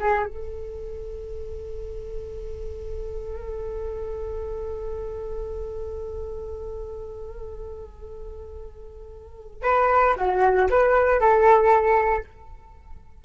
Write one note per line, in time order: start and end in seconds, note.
0.00 0.26 G#4
0.26 9.63 A4
9.63 10.15 B4
10.16 10.69 F#4
10.70 11.20 B4
11.20 12.25 A4